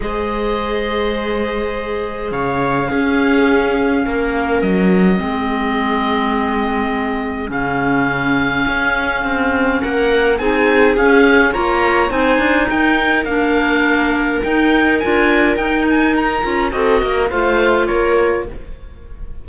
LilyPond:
<<
  \new Staff \with { instrumentName = "oboe" } { \time 4/4 \tempo 4 = 104 dis''1 | f''1 | dis''1~ | dis''4 f''2.~ |
f''4 fis''4 gis''4 f''4 | ais''4 gis''4 g''4 f''4~ | f''4 g''4 gis''4 g''8 gis''8 | ais''4 dis''4 f''4 cis''4 | }
  \new Staff \with { instrumentName = "viola" } { \time 4/4 c''1 | cis''4 gis'2 ais'4~ | ais'4 gis'2.~ | gis'1~ |
gis'4 ais'4 gis'2 | cis''4 c''4 ais'2~ | ais'1~ | ais'4 a'8 ais'8 c''4 ais'4 | }
  \new Staff \with { instrumentName = "clarinet" } { \time 4/4 gis'1~ | gis'4 cis'2.~ | cis'4 c'2.~ | c'4 cis'2.~ |
cis'2 dis'4 cis'4 | f'4 dis'2 d'4~ | d'4 dis'4 f'4 dis'4~ | dis'8 f'8 fis'4 f'2 | }
  \new Staff \with { instrumentName = "cello" } { \time 4/4 gis1 | cis4 cis'2 ais4 | fis4 gis2.~ | gis4 cis2 cis'4 |
c'4 ais4 c'4 cis'4 | ais4 c'8 d'8 dis'4 ais4~ | ais4 dis'4 d'4 dis'4~ | dis'8 cis'8 c'8 ais8 a4 ais4 | }
>>